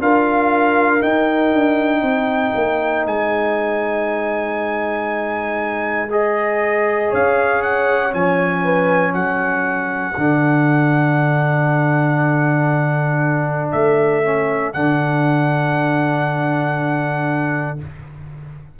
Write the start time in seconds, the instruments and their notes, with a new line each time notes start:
0.00 tuba D4, trombone F4, horn A#4, trumpet F5
1.00 trombone D#4, tuba D#4, trumpet G5
1.53 tuba D4
2.01 tuba C4, horn C5
2.56 tuba A#3
3.06 tuba G#3, trumpet G#5
6.11 trombone G#4, trumpet D#5
7.09 tuba C#4, horn C#5, trumpet F5
7.63 trumpet F#5
8.11 tuba F3, trombone C#4, trumpet G#5
8.64 horn B4
9.14 tuba F#3, horn A4, trumpet F#5
10.18 tuba D3, trombone D4
13.72 tuba A3, trumpet E5
14.24 trombone C#4
14.73 tuba D3, trombone D4, trumpet F#5